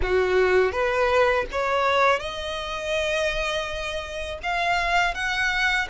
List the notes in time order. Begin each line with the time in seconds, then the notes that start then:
0.02 F#4
0.72 B4
1.51 C#5
2.19 D#5
4.43 F5
5.14 F#5